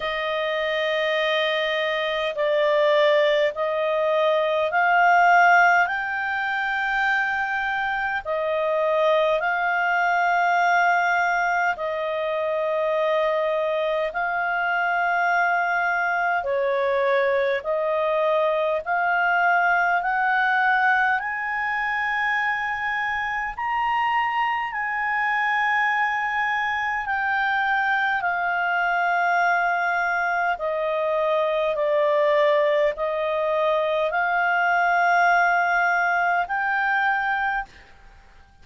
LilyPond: \new Staff \with { instrumentName = "clarinet" } { \time 4/4 \tempo 4 = 51 dis''2 d''4 dis''4 | f''4 g''2 dis''4 | f''2 dis''2 | f''2 cis''4 dis''4 |
f''4 fis''4 gis''2 | ais''4 gis''2 g''4 | f''2 dis''4 d''4 | dis''4 f''2 g''4 | }